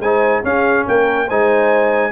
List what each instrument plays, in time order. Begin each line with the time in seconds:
0.00 tuba G#3, trombone D#4, horn C5, trumpet G#5
0.44 trombone C#4, tuba C#4, horn G#4, trumpet F5
0.86 tuba A#3, horn A#4, trumpet G5
1.27 tuba G#3, trombone D#4, horn C5, trumpet G#5